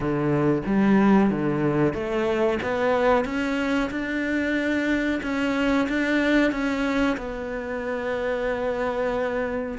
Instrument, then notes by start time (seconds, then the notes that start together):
cello
0.00 D3
0.66 G3
1.30 D3
1.93 A3
2.62 B3
3.24 C#4
3.90 D4
5.22 C#4
5.88 D4
6.51 C#4
7.17 B3